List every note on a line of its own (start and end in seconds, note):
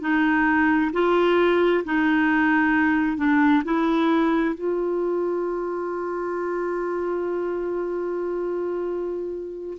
0.00 0.91 D#4
0.93 1.83 F4
1.84 3.17 D#4
3.17 3.62 D4
3.64 4.55 E4
4.55 9.77 F4